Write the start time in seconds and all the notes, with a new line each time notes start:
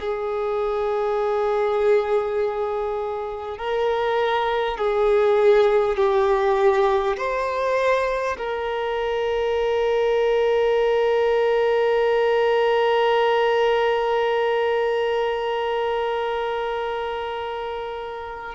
0.00 G#4
3.57 A#4
4.78 G#4
5.97 G4
7.17 C5
8.37 A#4